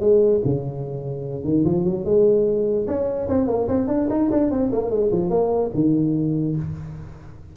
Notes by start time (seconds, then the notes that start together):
0.00 G#3
0.45 C#3
1.44 D#3
1.65 F3
1.84 F#3
2.05 G#3
2.87 C#4
3.29 C4
3.47 A#3
3.68 C4
3.87 D4
4.10 D#4
4.31 D4
4.51 C4
4.72 A#3
4.90 G#3
5.12 F3
5.30 A#3
5.74 D#3